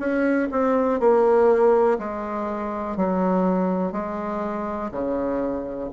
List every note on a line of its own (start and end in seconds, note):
0.00 0.49 C#4
0.52 1.00 C4
1.00 1.99 A#3
1.99 2.97 G#3
2.97 3.93 F#3
3.93 4.91 G#3
4.92 5.90 C#3